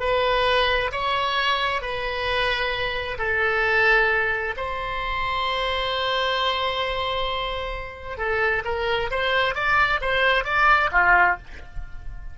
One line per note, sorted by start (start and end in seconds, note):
0.00 0.91 B4
0.92 1.81 C#5
1.81 3.18 B4
3.19 4.55 A4
4.57 8.17 C5
8.17 8.63 A4
8.65 9.10 A#4
9.11 9.55 C5
9.55 10.00 D5
10.01 10.45 C5
10.45 10.90 D5
10.92 11.38 F4